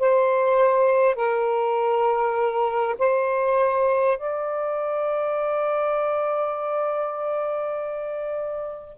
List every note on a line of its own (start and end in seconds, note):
0.00 1.16 C5
1.16 2.96 A#4
2.99 4.18 C5
4.18 8.98 D5